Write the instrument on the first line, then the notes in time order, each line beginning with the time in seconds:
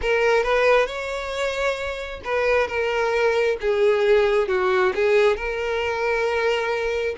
violin
0.01 A#4
0.43 B4
0.86 C#5
2.24 B4
2.67 A#4
3.60 G#4
4.48 F#4
4.94 G#4
5.36 A#4